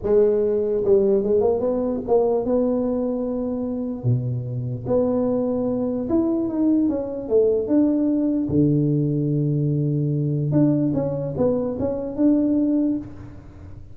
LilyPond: \new Staff \with { instrumentName = "tuba" } { \time 4/4 \tempo 4 = 148 gis2 g4 gis8 ais8 | b4 ais4 b2~ | b2 b,2 | b2. e'4 |
dis'4 cis'4 a4 d'4~ | d'4 d2.~ | d2 d'4 cis'4 | b4 cis'4 d'2 | }